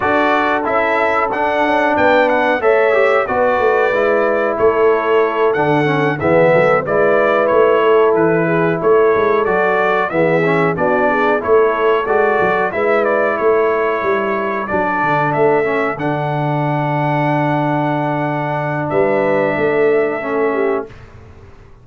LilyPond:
<<
  \new Staff \with { instrumentName = "trumpet" } { \time 4/4 \tempo 4 = 92 d''4 e''4 fis''4 g''8 fis''8 | e''4 d''2 cis''4~ | cis''8 fis''4 e''4 d''4 cis''8~ | cis''8 b'4 cis''4 d''4 e''8~ |
e''8 d''4 cis''4 d''4 e''8 | d''8 cis''2 d''4 e''8~ | e''8 fis''2.~ fis''8~ | fis''4 e''2. | }
  \new Staff \with { instrumentName = "horn" } { \time 4/4 a'2. b'4 | cis''4 b'2 a'4~ | a'4. gis'8 a'8 b'4. | a'4 gis'8 a'2 gis'8~ |
gis'8 fis'8 gis'8 a'2 b'8~ | b'8 a'2.~ a'8~ | a'1~ | a'4 b'4 a'4. g'8 | }
  \new Staff \with { instrumentName = "trombone" } { \time 4/4 fis'4 e'4 d'2 | a'8 g'8 fis'4 e'2~ | e'8 d'8 cis'8 b4 e'4.~ | e'2~ e'8 fis'4 b8 |
cis'8 d'4 e'4 fis'4 e'8~ | e'2~ e'8 d'4. | cis'8 d'2.~ d'8~ | d'2. cis'4 | }
  \new Staff \with { instrumentName = "tuba" } { \time 4/4 d'4 cis'4 d'8 cis'8 b4 | a4 b8 a8 gis4 a4~ | a8 d4 e8 fis8 gis4 a8~ | a8 e4 a8 gis8 fis4 e8~ |
e8 b4 a4 gis8 fis8 gis8~ | gis8 a4 g4 fis8 d8 a8~ | a8 d2.~ d8~ | d4 g4 a2 | }
>>